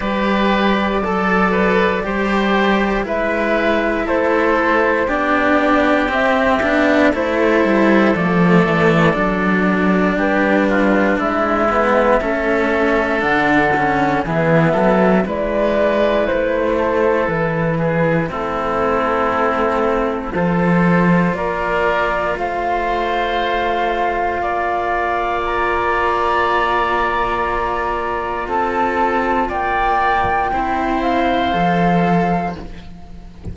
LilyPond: <<
  \new Staff \with { instrumentName = "flute" } { \time 4/4 \tempo 4 = 59 d''2. e''4 | c''4 d''4 e''4 c''4 | d''2 b'4 e''4~ | e''4 fis''4 e''4 d''4 |
c''4 b'4 a'2 | c''4 d''4 f''2~ | f''4 ais''2. | a''4 g''4. f''4. | }
  \new Staff \with { instrumentName = "oboe" } { \time 4/4 b'4 a'8 b'8 c''4 b'4 | a'4 g'2 a'4~ | a'2 g'8 f'8 e'4 | a'2 gis'8 a'8 b'4~ |
b'8 a'4 gis'8 e'2 | a'4 ais'4 c''2 | d''1 | a'4 d''4 c''2 | }
  \new Staff \with { instrumentName = "cello" } { \time 4/4 g'4 a'4 g'4 e'4~ | e'4 d'4 c'8 d'8 e'4 | a4 d'2~ d'8 b8 | cis'4 d'8 cis'8 b4 e'4~ |
e'2 c'2 | f'1~ | f'1~ | f'2 e'4 a'4 | }
  \new Staff \with { instrumentName = "cello" } { \time 4/4 g4 fis4 g4 gis4 | a4 b4 c'8 b8 a8 g8 | f8 e8 fis4 g4 gis4 | a4 d4 e8 fis8 gis4 |
a4 e4 a2 | f4 ais4 a2 | ais1 | c'4 ais4 c'4 f4 | }
>>